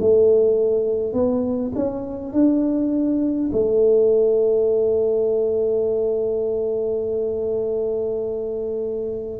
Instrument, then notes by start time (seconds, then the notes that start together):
tuba
0.00 A3
1.13 B3
1.75 C#4
2.33 D4
3.52 A3